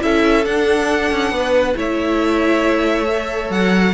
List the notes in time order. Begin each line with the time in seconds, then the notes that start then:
0.00 C#4 E4 A4 E5
0.45 D4 F#5
1.11 C#4
1.31 B3 B4
1.75 A3 E4 C#5 E5
3.07 A4
3.50 F#3 F#5